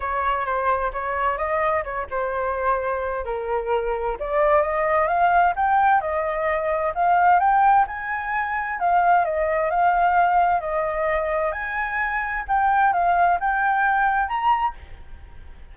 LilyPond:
\new Staff \with { instrumentName = "flute" } { \time 4/4 \tempo 4 = 130 cis''4 c''4 cis''4 dis''4 | cis''8 c''2~ c''8 ais'4~ | ais'4 d''4 dis''4 f''4 | g''4 dis''2 f''4 |
g''4 gis''2 f''4 | dis''4 f''2 dis''4~ | dis''4 gis''2 g''4 | f''4 g''2 ais''4 | }